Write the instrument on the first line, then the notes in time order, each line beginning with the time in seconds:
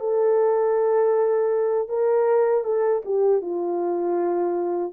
horn
0.00 A4
1.89 A#4
2.64 A4
3.05 G4
3.41 F4